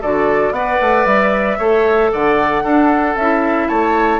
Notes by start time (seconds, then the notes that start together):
0.00 D3 F#4 A4 D5
0.51 B3 B4 D5 F#5
0.81 A3
1.05 G3 E5
1.58 A3 A4 C#5
2.12 D3 D5 F#5
2.63 D4 A4
3.16 C#4 E4 E5
3.68 A3 C#5 A5